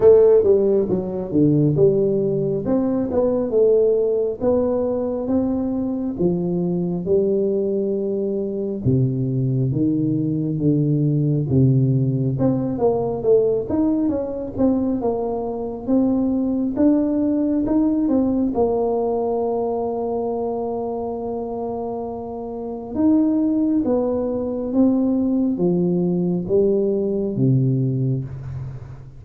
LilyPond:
\new Staff \with { instrumentName = "tuba" } { \time 4/4 \tempo 4 = 68 a8 g8 fis8 d8 g4 c'8 b8 | a4 b4 c'4 f4 | g2 c4 dis4 | d4 c4 c'8 ais8 a8 dis'8 |
cis'8 c'8 ais4 c'4 d'4 | dis'8 c'8 ais2.~ | ais2 dis'4 b4 | c'4 f4 g4 c4 | }